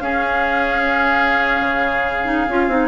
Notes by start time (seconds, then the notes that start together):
0.00 C#4 G#4 F5
1.61 C#3
2.25 D#4
2.48 C#4 F4
2.68 C4 D#4